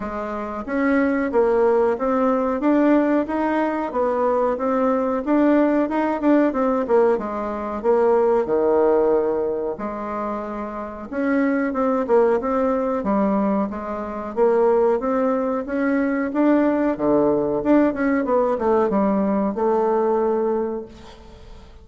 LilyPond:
\new Staff \with { instrumentName = "bassoon" } { \time 4/4 \tempo 4 = 92 gis4 cis'4 ais4 c'4 | d'4 dis'4 b4 c'4 | d'4 dis'8 d'8 c'8 ais8 gis4 | ais4 dis2 gis4~ |
gis4 cis'4 c'8 ais8 c'4 | g4 gis4 ais4 c'4 | cis'4 d'4 d4 d'8 cis'8 | b8 a8 g4 a2 | }